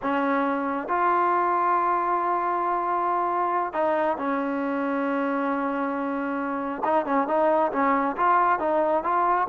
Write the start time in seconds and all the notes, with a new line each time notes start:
0.02 C#4
0.88 F4
3.73 D#4
4.17 C#4
6.84 D#4
7.05 C#4
7.27 D#4
7.72 C#4
8.16 F4
8.59 D#4
9.03 F4